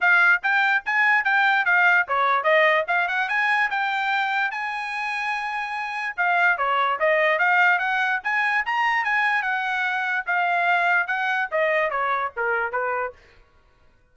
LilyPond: \new Staff \with { instrumentName = "trumpet" } { \time 4/4 \tempo 4 = 146 f''4 g''4 gis''4 g''4 | f''4 cis''4 dis''4 f''8 fis''8 | gis''4 g''2 gis''4~ | gis''2. f''4 |
cis''4 dis''4 f''4 fis''4 | gis''4 ais''4 gis''4 fis''4~ | fis''4 f''2 fis''4 | dis''4 cis''4 ais'4 b'4 | }